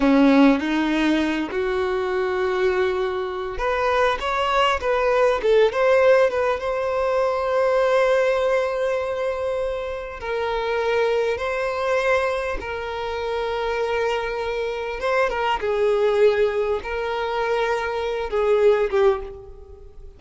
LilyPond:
\new Staff \with { instrumentName = "violin" } { \time 4/4 \tempo 4 = 100 cis'4 dis'4. fis'4.~ | fis'2 b'4 cis''4 | b'4 a'8 c''4 b'8 c''4~ | c''1~ |
c''4 ais'2 c''4~ | c''4 ais'2.~ | ais'4 c''8 ais'8 gis'2 | ais'2~ ais'8 gis'4 g'8 | }